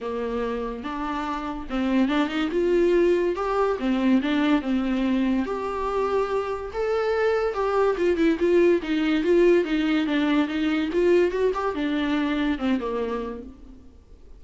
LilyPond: \new Staff \with { instrumentName = "viola" } { \time 4/4 \tempo 4 = 143 ais2 d'2 | c'4 d'8 dis'8 f'2 | g'4 c'4 d'4 c'4~ | c'4 g'2. |
a'2 g'4 f'8 e'8 | f'4 dis'4 f'4 dis'4 | d'4 dis'4 f'4 fis'8 g'8 | d'2 c'8 ais4. | }